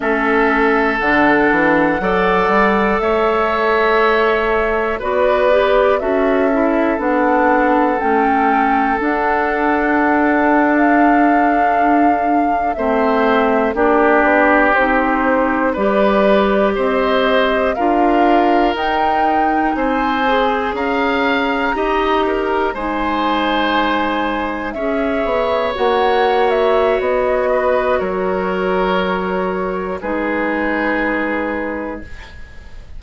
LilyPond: <<
  \new Staff \with { instrumentName = "flute" } { \time 4/4 \tempo 4 = 60 e''4 fis''2 e''4~ | e''4 d''4 e''4 fis''4 | g''4 fis''4.~ fis''16 f''4~ f''16~ | f''8. e''4 d''4 c''4 d''16~ |
d''8. dis''4 f''4 g''4 gis''16~ | gis''8. ais''2 gis''4~ gis''16~ | gis''8. e''4 fis''8. e''8 dis''4 | cis''2 b'2 | }
  \new Staff \with { instrumentName = "oboe" } { \time 4/4 a'2 d''4 cis''4~ | cis''4 b'4 a'2~ | a'1~ | a'8. c''4 g'2 b'16~ |
b'8. c''4 ais'2 c''16~ | c''8. f''4 dis''8 ais'8 c''4~ c''16~ | c''8. cis''2~ cis''8. b'8 | ais'2 gis'2 | }
  \new Staff \with { instrumentName = "clarinet" } { \time 4/4 cis'4 d'4 a'2~ | a'4 fis'8 g'8 fis'8 e'8 d'4 | cis'4 d'2.~ | d'8. c'4 d'4 dis'4 g'16~ |
g'4.~ g'16 f'4 dis'4~ dis'16~ | dis'16 gis'4. g'4 dis'4~ dis'16~ | dis'8. gis'4 fis'2~ fis'16~ | fis'2 dis'2 | }
  \new Staff \with { instrumentName = "bassoon" } { \time 4/4 a4 d8 e8 fis8 g8 a4~ | a4 b4 cis'4 b4 | a4 d'2.~ | d'8. a4 ais8 b8 c'4 g16~ |
g8. c'4 d'4 dis'4 c'16~ | c'8. cis'4 dis'4 gis4~ gis16~ | gis8. cis'8 b8 ais4~ ais16 b4 | fis2 gis2 | }
>>